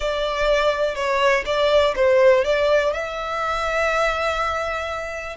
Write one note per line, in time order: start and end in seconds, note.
0.00 0.95 D5
0.95 1.43 C#5
1.45 1.94 D5
1.95 2.44 C5
2.44 2.93 D5
2.93 5.36 E5